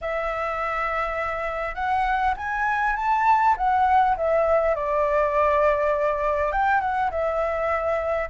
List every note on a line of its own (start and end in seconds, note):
0.01 1.74 E5
1.74 2.34 F#5
2.36 2.96 G#5
2.96 3.55 A5
3.57 4.16 F#5
4.16 4.75 E5
4.75 6.52 D5
6.52 6.80 G5
6.80 7.10 F#5
7.10 8.29 E5